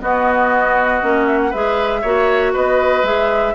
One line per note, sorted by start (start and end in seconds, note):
0.00 1.01 B3
0.00 1.02 B3
0.00 1.50 F#4
0.00 1.26 D#5
1.01 1.53 A#3
1.01 1.52 C#4
1.26 1.39 E5
1.41 1.52 F#5
1.50 2.03 G#3
1.50 2.04 G#4
1.50 2.00 B4
1.50 2.53 E5
2.01 2.54 A#3
2.01 3.04 F#4
2.01 2.52 C#5
2.53 3.03 B3
2.53 3.54 B4
2.53 3.05 D#5
3.03 3.53 G#3
3.03 3.54 G#4
3.03 3.55 E5